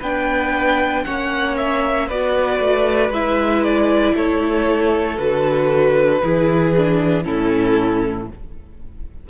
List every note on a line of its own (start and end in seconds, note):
0.00 1.05 B3
0.00 1.06 D4
0.00 1.03 B4
0.00 1.05 G5
1.05 2.11 A#3
1.05 2.10 C#4
1.05 2.07 C#5
1.05 1.56 F#5
1.57 2.09 E5
2.07 2.60 B3
2.07 3.14 F#4
2.07 4.14 B4
2.07 3.13 D5
2.60 3.10 A3
3.10 4.13 G#3
3.10 5.17 E4
3.10 3.64 E5
3.64 4.16 D5
4.15 5.18 A3
4.15 6.23 A4
4.15 5.18 C#5
5.17 6.23 D3
5.17 6.21 F#4
5.17 7.24 B4
6.23 7.26 E3
6.23 6.75 E4
6.23 7.25 G#4
6.77 7.24 D4
7.24 8.30 A2
7.24 8.28 C#4
7.24 8.29 E4
7.24 8.27 A4